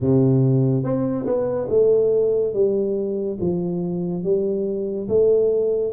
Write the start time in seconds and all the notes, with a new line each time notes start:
0.00 C3
0.83 C4
1.26 B3
1.69 A3
2.53 G3
3.40 F3
4.23 G3
5.08 A3